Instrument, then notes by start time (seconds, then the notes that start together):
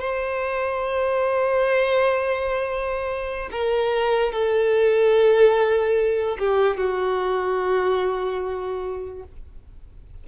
violin
0.00 C5
3.51 A#4
4.32 A4
6.38 G4
6.77 F#4